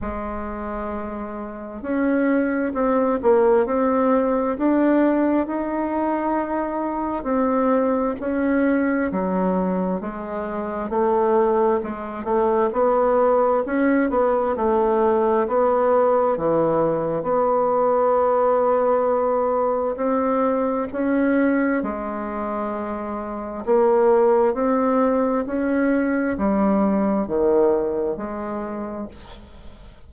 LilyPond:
\new Staff \with { instrumentName = "bassoon" } { \time 4/4 \tempo 4 = 66 gis2 cis'4 c'8 ais8 | c'4 d'4 dis'2 | c'4 cis'4 fis4 gis4 | a4 gis8 a8 b4 cis'8 b8 |
a4 b4 e4 b4~ | b2 c'4 cis'4 | gis2 ais4 c'4 | cis'4 g4 dis4 gis4 | }